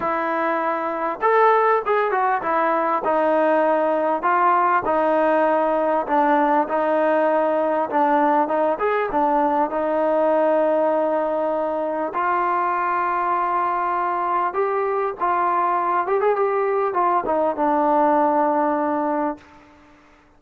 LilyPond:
\new Staff \with { instrumentName = "trombone" } { \time 4/4 \tempo 4 = 99 e'2 a'4 gis'8 fis'8 | e'4 dis'2 f'4 | dis'2 d'4 dis'4~ | dis'4 d'4 dis'8 gis'8 d'4 |
dis'1 | f'1 | g'4 f'4. g'16 gis'16 g'4 | f'8 dis'8 d'2. | }